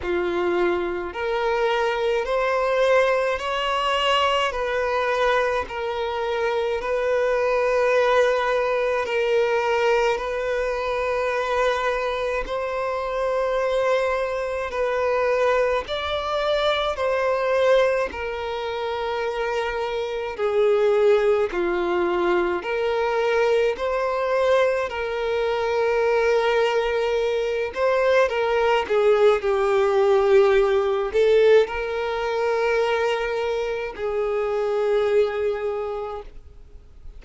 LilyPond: \new Staff \with { instrumentName = "violin" } { \time 4/4 \tempo 4 = 53 f'4 ais'4 c''4 cis''4 | b'4 ais'4 b'2 | ais'4 b'2 c''4~ | c''4 b'4 d''4 c''4 |
ais'2 gis'4 f'4 | ais'4 c''4 ais'2~ | ais'8 c''8 ais'8 gis'8 g'4. a'8 | ais'2 gis'2 | }